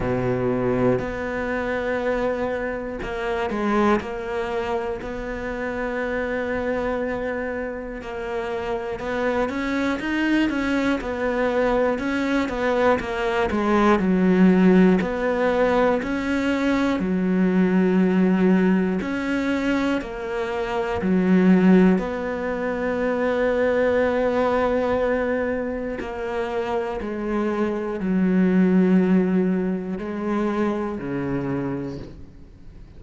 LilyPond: \new Staff \with { instrumentName = "cello" } { \time 4/4 \tempo 4 = 60 b,4 b2 ais8 gis8 | ais4 b2. | ais4 b8 cis'8 dis'8 cis'8 b4 | cis'8 b8 ais8 gis8 fis4 b4 |
cis'4 fis2 cis'4 | ais4 fis4 b2~ | b2 ais4 gis4 | fis2 gis4 cis4 | }